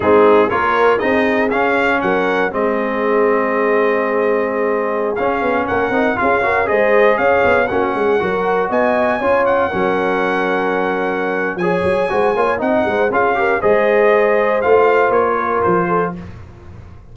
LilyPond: <<
  \new Staff \with { instrumentName = "trumpet" } { \time 4/4 \tempo 4 = 119 gis'4 cis''4 dis''4 f''4 | fis''4 dis''2.~ | dis''2~ dis''16 f''4 fis''8.~ | fis''16 f''4 dis''4 f''4 fis''8.~ |
fis''4~ fis''16 gis''4. fis''4~ fis''16~ | fis''2. gis''4~ | gis''4 fis''4 f''4 dis''4~ | dis''4 f''4 cis''4 c''4 | }
  \new Staff \with { instrumentName = "horn" } { \time 4/4 dis'4 ais'4 gis'2 | ais'4 gis'2.~ | gis'2.~ gis'16 ais'8.~ | ais'16 gis'8 ais'8 c''4 cis''4 fis'8 gis'16~ |
gis'16 ais'4 dis''4 cis''4 ais'8.~ | ais'2. cis''4 | c''8 cis''8 dis''8 c''8 gis'8 ais'8 c''4~ | c''2~ c''8 ais'4 a'8 | }
  \new Staff \with { instrumentName = "trombone" } { \time 4/4 c'4 f'4 dis'4 cis'4~ | cis'4 c'2.~ | c'2~ c'16 cis'4. dis'16~ | dis'16 f'8 fis'8 gis'2 cis'8.~ |
cis'16 fis'2 f'4 cis'8.~ | cis'2. gis'4 | fis'8 f'8 dis'4 f'8 g'8 gis'4~ | gis'4 f'2. | }
  \new Staff \with { instrumentName = "tuba" } { \time 4/4 gis4 ais4 c'4 cis'4 | fis4 gis2.~ | gis2~ gis16 cis'8 b8 ais8 c'16~ | c'16 cis'4 gis4 cis'8 b8 ais8 gis16~ |
gis16 fis4 b4 cis'4 fis8.~ | fis2. f8 fis8 | gis8 ais8 c'8 gis8 cis'4 gis4~ | gis4 a4 ais4 f4 | }
>>